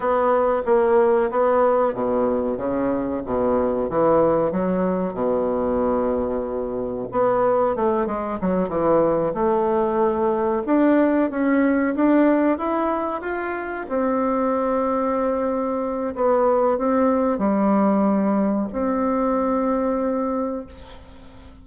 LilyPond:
\new Staff \with { instrumentName = "bassoon" } { \time 4/4 \tempo 4 = 93 b4 ais4 b4 b,4 | cis4 b,4 e4 fis4 | b,2. b4 | a8 gis8 fis8 e4 a4.~ |
a8 d'4 cis'4 d'4 e'8~ | e'8 f'4 c'2~ c'8~ | c'4 b4 c'4 g4~ | g4 c'2. | }